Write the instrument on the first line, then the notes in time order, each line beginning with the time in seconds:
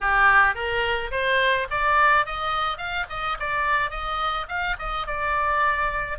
oboe
0.00 G4
0.54 A#4
1.11 C5
1.70 D5
2.26 D#5
2.77 F5
3.09 D#5
3.39 D5
3.90 D#5
4.48 F5
4.78 D#5
5.06 D5